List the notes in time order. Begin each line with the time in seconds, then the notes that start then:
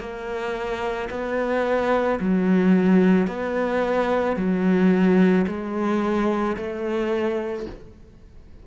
0.00 A#3
1.11 B3
2.20 F#3
3.28 B3
4.37 F#3
5.47 G#3
6.57 A3